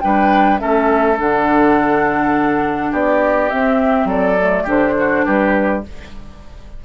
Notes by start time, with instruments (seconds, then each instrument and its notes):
0.00 bassoon G3, clarinet D4, oboe B4, flute G5
0.58 bassoon A3, clarinet C#4, oboe A4, flute E5
1.17 bassoon D3, clarinet D4, flute F#5
2.91 bassoon B3, oboe G4, flute D5
3.50 clarinet C4, bassoon C4, flute E5
4.04 bassoon F#3, oboe A4, flute D5
4.38 clarinet A3
4.63 bassoon D3, clarinet D4, oboe G4, flute C5
4.99 oboe F#4
5.25 bassoon G3, oboe G4, flute B4